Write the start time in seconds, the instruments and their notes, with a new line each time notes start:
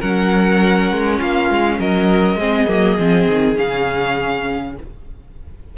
0.00 cello F#3, viola C#4, violin A#4 F#5
0.91 cello G#3
1.18 cello A#3, violin F4 F5
1.50 cello G#3
1.80 cello F#3, violin A#4 D#5
2.36 cello G#3, viola C4, violin G#4
2.68 cello F#3, viola A#3
2.98 cello F3, viola C4
3.28 cello D#3
3.55 cello C#3, viola C#4, violin F5